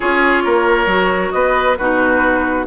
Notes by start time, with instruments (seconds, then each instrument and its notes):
0.00 bassoon C#4, clarinet F4, oboe G#4, flute C#5
0.44 bassoon A#3, oboe A#4
0.86 bassoon F#3, clarinet F#4
1.31 bassoon B3, oboe B4, flute D#5
1.77 bassoon B2, clarinet D#4, oboe F#4, flute B4